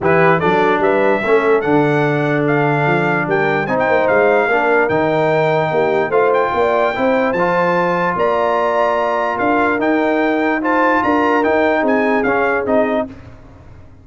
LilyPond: <<
  \new Staff \with { instrumentName = "trumpet" } { \time 4/4 \tempo 4 = 147 b'4 d''4 e''2 | fis''2 f''2 | g''4 gis''16 g''8. f''2 | g''2. f''8 g''8~ |
g''2 a''2 | ais''2. f''4 | g''2 a''4 ais''4 | g''4 gis''4 f''4 dis''4 | }
  \new Staff \with { instrumentName = "horn" } { \time 4/4 g'4 a'4 b'4 a'4~ | a'1 | ais'4 c''2 ais'4~ | ais'2 g'4 c''4 |
d''4 c''2. | d''2. ais'4~ | ais'2 c''4 ais'4~ | ais'4 gis'2. | }
  \new Staff \with { instrumentName = "trombone" } { \time 4/4 e'4 d'2 cis'4 | d'1~ | d'4 dis'2 d'4 | dis'2. f'4~ |
f'4 e'4 f'2~ | f'1 | dis'2 f'2 | dis'2 cis'4 dis'4 | }
  \new Staff \with { instrumentName = "tuba" } { \time 4/4 e4 fis4 g4 a4 | d2. f4 | g4 c'8 ais8 gis4 ais4 | dis2 ais4 a4 |
ais4 c'4 f2 | ais2. d'4 | dis'2. d'4 | dis'4 c'4 cis'4 c'4 | }
>>